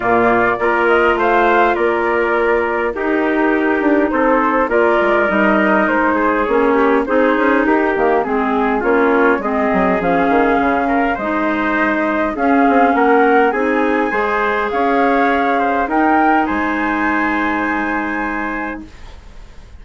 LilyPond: <<
  \new Staff \with { instrumentName = "flute" } { \time 4/4 \tempo 4 = 102 d''4. dis''8 f''4 d''4~ | d''4 ais'2 c''4 | d''4 dis''4 c''4 cis''4 | c''4 ais'4 gis'4 cis''4 |
dis''4 f''2 dis''4~ | dis''4 f''4 fis''4 gis''4~ | gis''4 f''2 g''4 | gis''1 | }
  \new Staff \with { instrumentName = "trumpet" } { \time 4/4 f'4 ais'4 c''4 ais'4~ | ais'4 g'2 a'4 | ais'2~ ais'8 gis'4 g'8 | gis'4 g'4 gis'4 f'4 |
gis'2~ gis'8 ais'8 c''4~ | c''4 gis'4 ais'4 gis'4 | c''4 cis''4. c''8 ais'4 | c''1 | }
  \new Staff \with { instrumentName = "clarinet" } { \time 4/4 ais4 f'2.~ | f'4 dis'2. | f'4 dis'2 cis'4 | dis'4. ais8 c'4 cis'4 |
c'4 cis'2 dis'4~ | dis'4 cis'2 dis'4 | gis'2. dis'4~ | dis'1 | }
  \new Staff \with { instrumentName = "bassoon" } { \time 4/4 ais,4 ais4 a4 ais4~ | ais4 dis'4. d'8 c'4 | ais8 gis8 g4 gis4 ais4 | c'8 cis'8 dis'8 dis8 gis4 ais4 |
gis8 fis8 f8 dis8 cis4 gis4~ | gis4 cis'8 c'8 ais4 c'4 | gis4 cis'2 dis'4 | gis1 | }
>>